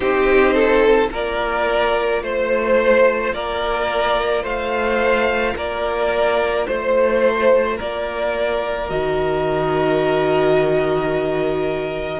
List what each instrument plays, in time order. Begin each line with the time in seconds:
0.00 cello C4, viola D#4, violin G4 C5
0.53 violin A4
1.09 cello A#3, viola F4, violin A#4 D5
2.22 cello A3, violin C5
3.33 cello A#3, violin A#4 D5
4.42 cello A3, violin C5 F5
5.55 cello A#3, violin A#4 D5
6.66 cello A3, violin C5
7.76 cello A#3, violin A#4 D5
8.89 cello D#3, viola F#4, violin D#5